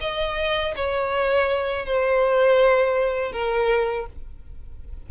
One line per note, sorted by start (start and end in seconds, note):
0.00 0.74 D#5
0.75 1.85 C#5
1.85 3.32 C5
3.32 4.06 A#4